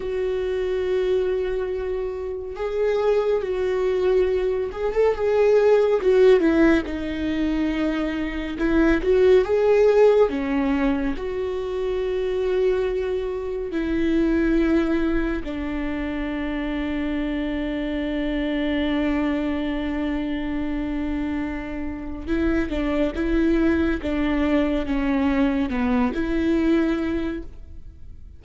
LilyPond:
\new Staff \with { instrumentName = "viola" } { \time 4/4 \tempo 4 = 70 fis'2. gis'4 | fis'4. gis'16 a'16 gis'4 fis'8 e'8 | dis'2 e'8 fis'8 gis'4 | cis'4 fis'2. |
e'2 d'2~ | d'1~ | d'2 e'8 d'8 e'4 | d'4 cis'4 b8 e'4. | }